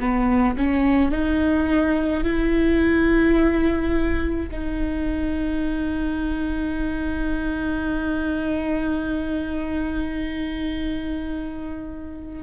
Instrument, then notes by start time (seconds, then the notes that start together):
viola
0.00 B3
0.58 C#4
1.12 D#4
2.24 E4
4.52 D#4